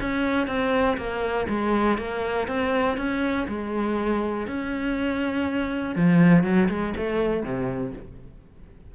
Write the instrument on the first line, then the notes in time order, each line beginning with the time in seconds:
cello
0.00 C#4
0.47 C4
0.97 A#3
1.49 G#3
1.98 A#3
2.47 C4
2.97 C#4
3.48 G#3
4.47 C#4
5.95 F3
6.43 F#3
6.69 G#3
6.97 A3
7.43 C3